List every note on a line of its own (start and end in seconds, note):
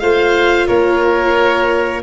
0.00 0.69 A3
0.00 2.03 F4
0.00 0.68 C5
0.00 0.67 F5
0.67 2.03 A#3
0.67 2.03 A#4
0.67 2.02 C#5